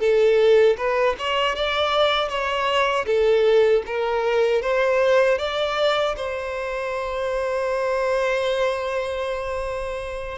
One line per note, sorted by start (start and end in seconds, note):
0.00 0.77 A4
0.77 1.16 B4
1.19 1.55 C#5
1.55 2.29 D5
2.29 3.06 C#5
3.06 3.83 A4
3.86 4.62 A#4
4.62 5.38 C5
5.38 6.15 D5
6.16 10.38 C5